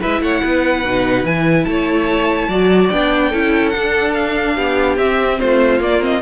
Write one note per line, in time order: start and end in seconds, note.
0.00 0.21 G#3
0.00 0.84 E4
0.00 0.21 B4
0.00 0.22 E5
0.21 0.41 A3
0.21 0.41 C#5
0.21 1.25 F#5
0.41 0.84 B3
0.41 1.65 B4
0.84 1.23 B2
0.84 1.26 D#4
1.23 1.65 E3
1.23 2.50 E4
1.23 1.65 G#5
1.65 2.48 A3
1.65 2.48 C#5
1.65 2.89 A5
2.48 2.89 F#3
2.48 2.92 F#4
2.48 3.29 D5
2.90 3.33 B3
2.90 3.32 D4
2.90 3.69 G5
3.29 3.74 C#4
3.29 3.74 E4
3.29 4.53 A4
3.69 4.99 D4
3.69 4.56 D4
3.69 4.11 F#5
4.13 4.96 F5
4.55 4.97 B3
4.55 5.38 G4
4.97 5.39 C4
4.97 5.80 C4
4.97 5.39 E5
5.39 5.80 A3
5.39 6.22 F4
5.39 5.80 C5
5.80 6.21 A#3
5.80 6.00 A#3
5.80 6.03 D5
6.00 6.21 C4
6.00 6.22 D#5